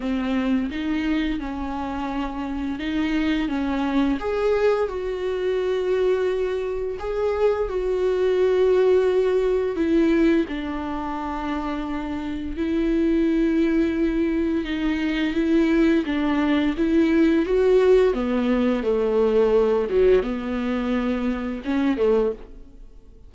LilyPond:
\new Staff \with { instrumentName = "viola" } { \time 4/4 \tempo 4 = 86 c'4 dis'4 cis'2 | dis'4 cis'4 gis'4 fis'4~ | fis'2 gis'4 fis'4~ | fis'2 e'4 d'4~ |
d'2 e'2~ | e'4 dis'4 e'4 d'4 | e'4 fis'4 b4 a4~ | a8 fis8 b2 cis'8 a8 | }